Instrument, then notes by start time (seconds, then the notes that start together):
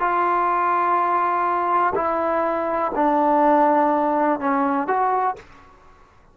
trombone
0.00 F4
1.95 E4
2.95 D4
4.40 C#4
4.88 F#4